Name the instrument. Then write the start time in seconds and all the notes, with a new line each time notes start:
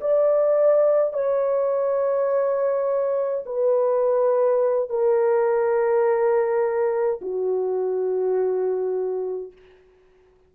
horn
0.00 D5
1.13 C#5
3.46 B4
4.89 A#4
7.21 F#4